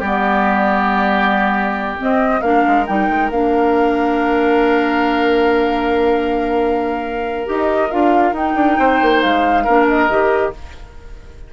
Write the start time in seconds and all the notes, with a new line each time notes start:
0.00 G3 B3 G4 D5
1.98 C4 D#5
2.42 A#3 D4 A#4 F5
2.67 G#3
2.87 G3 D#4 G5
3.09 G#3
3.31 A#3 D4 F5
7.46 D#4 G4 D#5
7.91 D4 F4 F5
8.32 D#4 G5
8.55 D4
8.79 C4 C5
9.02 A#3
9.21 G#3 F5
9.64 A#3 D4 A#4
9.88 D#5
10.10 D#3 G4